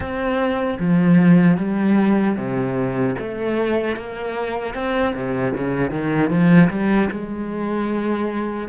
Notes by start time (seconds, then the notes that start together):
0.00 C4
0.79 F3
1.57 G3
2.36 C3
3.18 A3
3.96 A#3
4.74 C4
5.14 C3
5.54 C#3
5.90 D#3
6.30 F3
6.70 G3
7.10 G#3